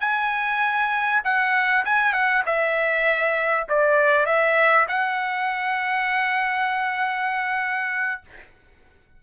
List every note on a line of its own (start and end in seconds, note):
0.00 1.21 G#5
1.24 1.85 F#5
1.85 2.13 G#5
2.13 2.43 F#5
2.46 3.67 E5
3.69 4.26 D5
4.26 4.87 E5
4.88 8.21 F#5